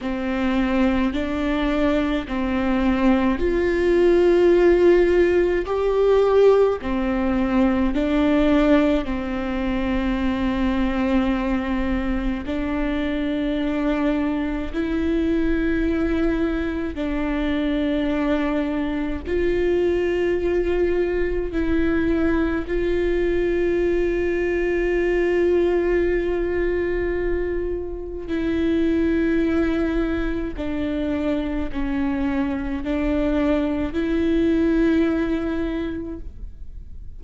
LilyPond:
\new Staff \with { instrumentName = "viola" } { \time 4/4 \tempo 4 = 53 c'4 d'4 c'4 f'4~ | f'4 g'4 c'4 d'4 | c'2. d'4~ | d'4 e'2 d'4~ |
d'4 f'2 e'4 | f'1~ | f'4 e'2 d'4 | cis'4 d'4 e'2 | }